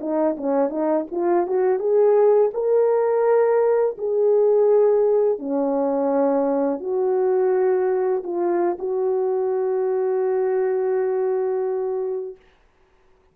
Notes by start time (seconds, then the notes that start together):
0.00 D#4
0.37 C#4
0.69 D#4
1.11 F4
1.46 F#4
1.79 G#4
2.53 A#4
3.98 G#4
5.39 C#4
6.80 F#4
8.23 F4
8.79 F#4